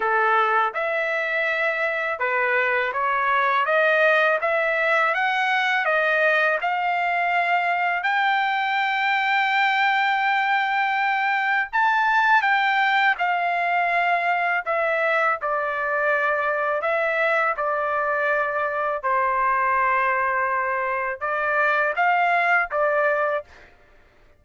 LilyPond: \new Staff \with { instrumentName = "trumpet" } { \time 4/4 \tempo 4 = 82 a'4 e''2 b'4 | cis''4 dis''4 e''4 fis''4 | dis''4 f''2 g''4~ | g''1 |
a''4 g''4 f''2 | e''4 d''2 e''4 | d''2 c''2~ | c''4 d''4 f''4 d''4 | }